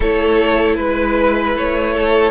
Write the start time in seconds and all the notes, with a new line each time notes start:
0.00 A3 E4 A4 C#5
0.75 G#3 B4
1.55 A3 C#5
1.93 A4